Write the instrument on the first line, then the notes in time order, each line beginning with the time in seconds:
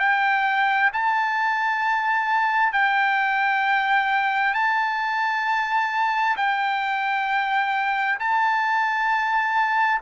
trumpet
0.00 G5
0.93 A5
2.73 G5
4.55 A5
6.37 G5
8.19 A5